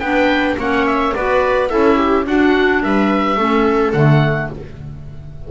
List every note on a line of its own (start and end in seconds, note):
0.00 0.56 B3
0.00 0.59 D4
0.00 0.58 B4
0.00 0.56 G5
0.58 1.14 A#3
0.58 1.15 C#4
0.58 1.15 C#5
0.58 0.87 F#5
0.87 1.15 E5
1.15 1.73 B3
1.15 1.69 F#4
1.15 1.70 B4
1.15 1.69 D5
1.69 2.27 C#4
1.69 2.25 E4
1.69 1.97 A4
1.69 2.25 E5
1.97 2.25 G4
2.26 3.38 D4
2.26 2.83 D4
2.26 2.83 F#4
2.26 2.84 F#5
2.83 3.37 G3
2.83 3.38 B4
2.83 3.93 E5
3.37 3.93 A3
3.37 3.95 C#4
3.37 4.50 A4
3.93 4.50 D3
3.93 4.52 A3
3.93 4.49 F#5